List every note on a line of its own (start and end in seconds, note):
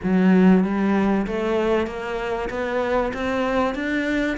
0.03 0.63 F#3
0.63 1.26 G3
1.27 1.86 A3
1.86 2.49 A#3
2.49 3.12 B3
3.13 3.74 C4
3.74 4.37 D4